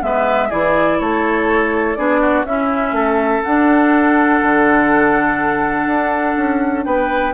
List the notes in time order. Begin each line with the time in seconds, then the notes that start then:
0.00 G#3 B3 B4 E5
0.48 E3 E4 G#4 D5
0.99 A3 A4 C#5
1.95 B3 D4 G#4 D5
2.21 F#4
2.44 C#4 E4 E5
2.92 A3 A4
3.43 D4 F#5
4.42 D3
5.86 D4
6.37 C#4
6.85 B3 B4 G5